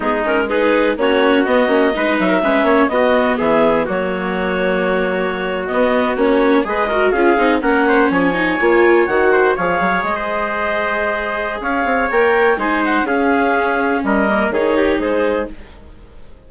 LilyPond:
<<
  \new Staff \with { instrumentName = "clarinet" } { \time 4/4 \tempo 4 = 124 gis'8 ais'8 b'4 cis''4 dis''4~ | dis''8 e''4. dis''4 e''4 | cis''2.~ cis''8. dis''16~ | dis''8. cis''4 dis''4 f''4 fis''16~ |
fis''8. gis''2 fis''4 f''16~ | f''8. dis''2.~ dis''16 | f''4 g''4 gis''8 fis''8 f''4~ | f''4 dis''4 cis''4 c''4 | }
  \new Staff \with { instrumentName = "trumpet" } { \time 4/4 dis'4 gis'4 fis'2 | b'8. ais'16 b'8 cis''8 fis'4 gis'4 | fis'1~ | fis'4.~ fis'16 b'8 ais'8 gis'4 ais'16~ |
ais'16 c''8 cis''2~ cis''8 c''8 cis''16~ | cis''4 c''2. | cis''2 c''4 gis'4~ | gis'4 ais'4 gis'8 g'8 gis'4 | }
  \new Staff \with { instrumentName = "viola" } { \time 4/4 b8 cis'8 dis'4 cis'4 b8 cis'8 | dis'4 cis'4 b2 | ais2.~ ais8. b16~ | b8. cis'4 gis'8 fis'8 f'8 dis'8 cis'16~ |
cis'4~ cis'16 dis'8 f'4 fis'4 gis'16~ | gis'1~ | gis'4 ais'4 dis'4 cis'4~ | cis'4. ais8 dis'2 | }
  \new Staff \with { instrumentName = "bassoon" } { \time 4/4 gis2 ais4 b8 ais8 | gis8 fis8 gis8 ais8 b4 e4 | fis2.~ fis8. b16~ | b8. ais4 gis4 cis'8 c'8 ais16~ |
ais8. f4 ais4 dis4 f16~ | f16 fis8 gis2.~ gis16 | cis'8 c'8 ais4 gis4 cis'4~ | cis'4 g4 dis4 gis4 | }
>>